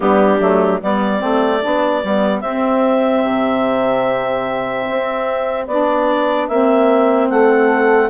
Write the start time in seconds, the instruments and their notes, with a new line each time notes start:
0.00 bassoon G3, saxophone B3, horn D4, clarinet G4
0.39 bassoon F#3, saxophone A3
0.82 bassoon G3, saxophone B3, horn G4, clarinet D5
1.19 bassoon A3, saxophone C4
1.60 bassoon B3, saxophone D4
2.03 bassoon G3, saxophone B3
2.40 bassoon C4, saxophone C4, clarinet E5
3.23 bassoon C3
4.89 bassoon C4
5.66 bassoon B3, saxophone D4, clarinet D5
6.47 bassoon A#3, saxophone C4, clarinet E5
7.29 bassoon A3, horn A4, clarinet F#5